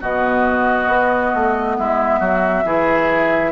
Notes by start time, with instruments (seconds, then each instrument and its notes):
0.00 bassoon B2, clarinet B3, oboe F#4, flute D#5
0.87 bassoon B3
1.34 bassoon A3
1.77 bassoon G#3, oboe E4, flute E5
2.19 bassoon F#3, oboe F#4
2.64 bassoon E3, clarinet E4, oboe G#4